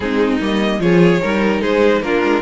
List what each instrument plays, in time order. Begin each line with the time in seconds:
0.00 cello G#3, viola C4, violin D#4 G#4
0.40 cello G3, viola A#3, violin D#5
0.78 cello F3, viola F4, violin G#4 C#5
1.21 cello G3, viola D#4, violin A#4
1.61 cello G#3, violin G#4 C5
2.01 cello A#3, viola D4, violin F4 A#4
2.23 cello G#3